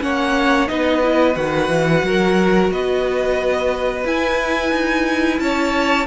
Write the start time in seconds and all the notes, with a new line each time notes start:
0.00 A#3 C#4 C#5 F#5
0.67 B3 D#4 B4 D#5
1.03 E4
1.34 D#3 F#4 F#5
1.68 E3
2.03 F#3 A#4
2.70 B3 B4 D#5
4.05 E4 G#5
4.72 D#4
5.39 C#4 C#5 A5